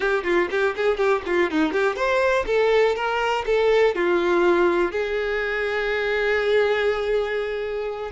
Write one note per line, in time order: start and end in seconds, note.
0.00 0.23 G4
0.23 0.48 F4
0.51 0.75 G4
0.76 0.97 G#4
0.97 1.21 G4
1.26 1.50 F4
1.50 1.72 D#4
1.72 1.96 G4
1.96 2.45 C5
2.46 2.95 A4
2.95 3.44 A#4
3.46 3.95 A4
3.95 4.91 F4
4.91 8.11 G#4